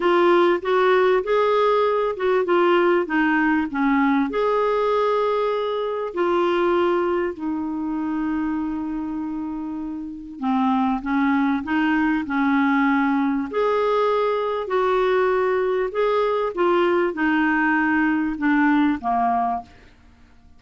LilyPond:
\new Staff \with { instrumentName = "clarinet" } { \time 4/4 \tempo 4 = 98 f'4 fis'4 gis'4. fis'8 | f'4 dis'4 cis'4 gis'4~ | gis'2 f'2 | dis'1~ |
dis'4 c'4 cis'4 dis'4 | cis'2 gis'2 | fis'2 gis'4 f'4 | dis'2 d'4 ais4 | }